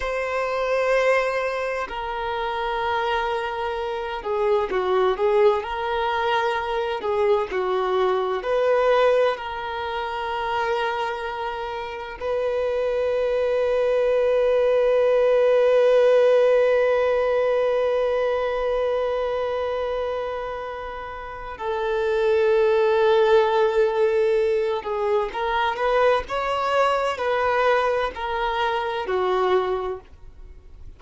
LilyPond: \new Staff \with { instrumentName = "violin" } { \time 4/4 \tempo 4 = 64 c''2 ais'2~ | ais'8 gis'8 fis'8 gis'8 ais'4. gis'8 | fis'4 b'4 ais'2~ | ais'4 b'2.~ |
b'1~ | b'2. a'4~ | a'2~ a'8 gis'8 ais'8 b'8 | cis''4 b'4 ais'4 fis'4 | }